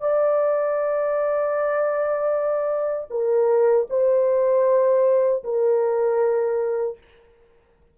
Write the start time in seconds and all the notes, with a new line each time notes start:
0.00 D5
3.10 A#4
3.89 C5
5.43 A#4